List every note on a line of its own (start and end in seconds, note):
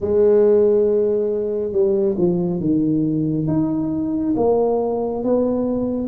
0.00 1.72 G#3
1.72 2.15 G3
2.17 2.60 F3
2.60 3.47 D#3
3.47 4.34 D#4
4.36 5.23 A#3
5.23 6.08 B3